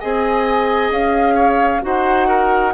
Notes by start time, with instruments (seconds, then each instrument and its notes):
0.00 bassoon C4, clarinet G#4, oboe D#5, flute G#5
0.90 bassoon C#4, flute F5
1.35 oboe C#5
1.81 bassoon D#4, clarinet F#4, oboe C5, flute F#5
2.28 oboe A#4